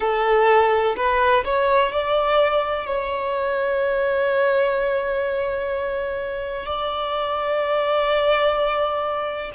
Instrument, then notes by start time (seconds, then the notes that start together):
violin
0.00 A4
0.96 B4
1.44 C#5
1.91 D5
2.86 C#5
6.65 D5